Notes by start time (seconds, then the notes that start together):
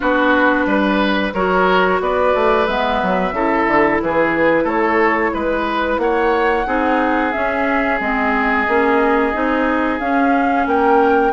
0.00 B3 D4 F#4 B4
0.65 G3 B4
1.33 F#3 F#4 A#4 C#5
2.00 B3 B4 D5
2.34 A3
2.66 G#3 B3 E5
3.02 F#3
3.32 C#3 E4 A4
3.67 D3
4.01 E3 G#4 B4
4.63 A3 A4 C#5
5.34 G#3 B4
5.97 A#3 C#5 F#5
6.66 C4 D#4 G#4
7.32 C#4 E5
7.99 G#3 C4 D#5
8.67 A#3 C#4
9.33 C4 D#4
9.99 C#4 F5
10.66 A#3 A#4 G5